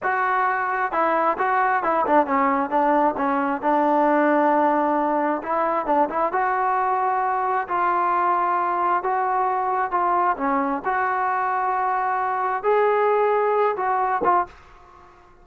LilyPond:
\new Staff \with { instrumentName = "trombone" } { \time 4/4 \tempo 4 = 133 fis'2 e'4 fis'4 | e'8 d'8 cis'4 d'4 cis'4 | d'1 | e'4 d'8 e'8 fis'2~ |
fis'4 f'2. | fis'2 f'4 cis'4 | fis'1 | gis'2~ gis'8 fis'4 f'8 | }